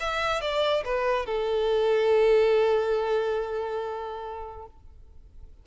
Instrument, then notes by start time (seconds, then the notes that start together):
violin
0.00 E5
0.41 D5
0.85 B4
1.26 A4